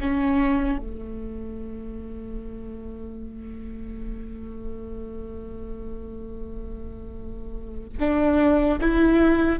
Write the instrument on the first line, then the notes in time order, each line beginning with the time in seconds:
viola
0.00 C#4
0.78 A3
7.99 D4
8.81 E4